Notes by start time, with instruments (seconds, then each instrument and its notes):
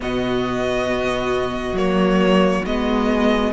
0.00 cello B2, viola B3, violin F#4 D#5
1.72 cello F#3, viola A#3, violin C#5
2.65 cello G#3, viola B3, violin D#5